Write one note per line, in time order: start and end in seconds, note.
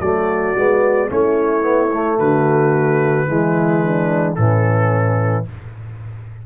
0.00 0.55 F#3
0.00 0.56 A3
0.00 1.09 F#4
0.00 1.10 D5
0.56 1.11 G#3
0.56 1.09 B3
1.09 2.20 A3
1.09 1.62 C#4
1.09 2.19 E4
1.09 2.19 C#5
1.62 1.89 B3
1.93 3.27 A3
2.19 3.29 D3
2.19 3.28 F#4
2.19 4.35 B4
3.27 4.37 E3
3.27 4.36 G#3
3.27 3.84 E4
3.84 4.37 D4
4.35 5.47 A2
4.35 5.46 E3
4.35 5.46 C#4
4.35 5.44 A4